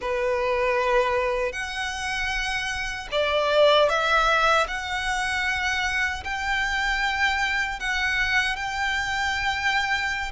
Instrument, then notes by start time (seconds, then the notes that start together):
violin
0.01 B4
1.52 F#5
3.11 D5
3.89 E5
4.67 F#5
6.24 G5
7.79 F#5
8.56 G5